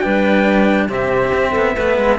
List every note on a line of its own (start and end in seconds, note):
0.00 0.88 G3
0.00 0.89 D4
0.00 0.88 B4
0.00 0.86 G5
0.88 1.31 C3
0.88 1.75 C4
0.88 1.51 G4
0.88 2.18 E5
1.34 1.55 C4
1.51 1.76 B3
1.51 1.72 A4
1.75 1.98 A3
1.75 2.18 B3
1.75 2.18 B4
1.98 2.18 G#3